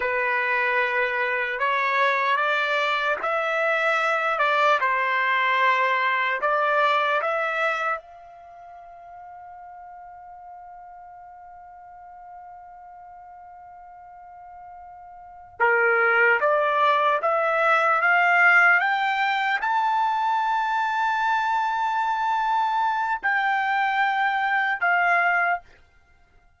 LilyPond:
\new Staff \with { instrumentName = "trumpet" } { \time 4/4 \tempo 4 = 75 b'2 cis''4 d''4 | e''4. d''8 c''2 | d''4 e''4 f''2~ | f''1~ |
f''2.~ f''8 ais'8~ | ais'8 d''4 e''4 f''4 g''8~ | g''8 a''2.~ a''8~ | a''4 g''2 f''4 | }